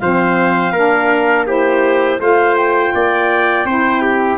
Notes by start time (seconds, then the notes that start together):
0.00 F3 C4 C5 F5
0.72 A#3 D4 A#4
1.47 E4 G4 C5
2.19 A3 F4 C5 F5
2.56 G5
2.95 A#3 D5
3.65 C4 E4 C5
4.02 G4